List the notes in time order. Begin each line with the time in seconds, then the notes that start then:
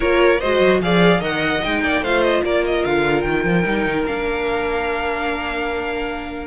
0.00 A#3 F4 A#4 C#5
0.39 G#3 F#4 C5 D#5
0.60 F#3
0.80 F3 G#4 D5 F5
1.20 D#3 A#4 D#5 F#5
1.63 G#3 D#4 G5
1.83 A#3 D5
2.01 A3 F4 C5 F5
2.22 D#5
2.43 A#3 A#4 D5
2.65 D#5
2.84 D3 F5
3.21 D#3 G5
3.44 F3
3.63 G3 D#4
3.85 D#3
4.06 A#3 D4 F5